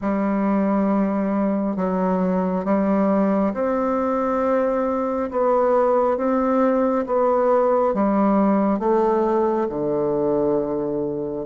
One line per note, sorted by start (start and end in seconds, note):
0.01 1.76 G3
1.76 2.64 F#3
2.65 3.53 G3
3.53 5.30 C4
5.30 6.17 B3
6.17 7.05 C4
7.06 7.94 B3
7.94 8.79 G3
8.79 9.67 A3
9.69 11.45 D3